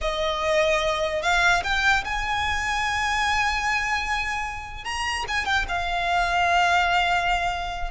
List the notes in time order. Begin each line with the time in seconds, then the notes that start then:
0.01 D#5
1.22 F5
1.63 G5
2.04 G#5
4.84 A#5
5.28 G#5
5.45 G5
5.68 F5